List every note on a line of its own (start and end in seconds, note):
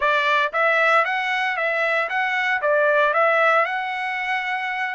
0.00 0.52 D5
0.52 1.04 E5
1.04 1.57 F#5
1.57 2.09 E5
2.09 2.61 F#5
2.61 3.13 D5
3.13 3.65 E5
3.65 4.94 F#5